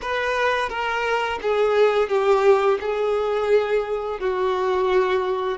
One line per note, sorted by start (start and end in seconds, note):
0.01 0.69 B4
0.69 1.39 A#4
1.42 2.08 G#4
2.08 2.78 G4
2.80 4.20 G#4
4.20 5.58 F#4